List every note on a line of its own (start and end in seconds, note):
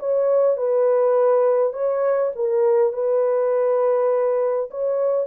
0.00 0.57 C#5
0.57 1.74 B4
1.74 2.32 C#5
2.36 2.94 A#4
2.94 4.70 B4
4.71 5.28 C#5